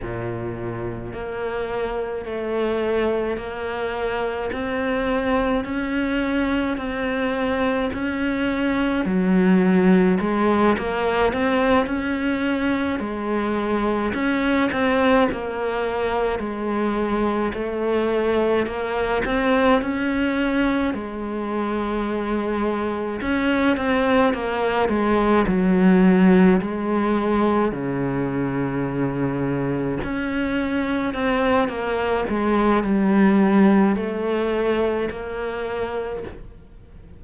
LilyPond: \new Staff \with { instrumentName = "cello" } { \time 4/4 \tempo 4 = 53 ais,4 ais4 a4 ais4 | c'4 cis'4 c'4 cis'4 | fis4 gis8 ais8 c'8 cis'4 gis8~ | gis8 cis'8 c'8 ais4 gis4 a8~ |
a8 ais8 c'8 cis'4 gis4.~ | gis8 cis'8 c'8 ais8 gis8 fis4 gis8~ | gis8 cis2 cis'4 c'8 | ais8 gis8 g4 a4 ais4 | }